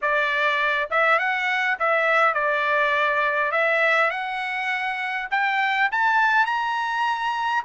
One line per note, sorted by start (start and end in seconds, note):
0.01 0.89 D5
0.90 1.18 E5
1.18 1.77 F#5
1.79 2.33 E5
2.33 3.51 D5
3.51 4.10 E5
4.10 5.28 F#5
5.30 5.89 G5
5.91 6.45 A5
6.45 7.63 A#5